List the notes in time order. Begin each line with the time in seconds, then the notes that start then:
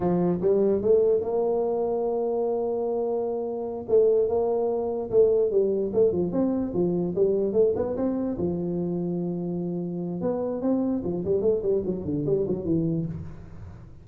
0.00 F3
0.41 G3
0.81 A3
1.20 A#3
3.88 A3
4.28 A#3
5.10 A3
5.50 G3
5.93 A3
6.12 F3
6.32 C4
6.73 F3
7.15 G3
7.52 A3
7.75 B3
7.96 C4
8.38 F3
10.21 B3
10.61 C4
11.04 F3
11.24 G3
11.41 A3
11.62 G3
11.85 F#3
12.04 D3
12.26 G3
12.47 F#3
12.64 E3